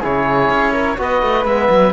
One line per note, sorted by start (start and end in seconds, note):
0.00 0.50 C#3
0.00 0.98 E4
0.00 0.72 G#4
0.00 1.01 C#5
0.50 0.98 C#4
0.73 0.97 A#4
0.98 1.22 B3
0.98 1.46 F#4
0.98 1.94 B4
0.98 1.46 D#5
1.22 1.45 A3
1.45 1.69 G#3
1.45 1.94 B3
1.45 1.94 E5
1.70 1.94 F#3